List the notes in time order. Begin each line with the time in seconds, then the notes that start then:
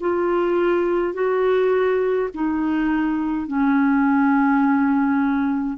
0.00 F4
1.13 F#4
2.34 D#4
3.47 C#4